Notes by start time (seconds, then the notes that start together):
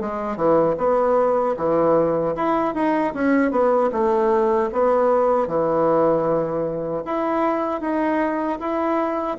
0.00 G#3
0.36 E3
0.78 B3
1.57 E3
2.35 E4
2.74 D#4
3.14 C#4
3.51 B3
3.92 A3
4.72 B3
5.47 E3
7.05 E4
7.81 D#4
8.60 E4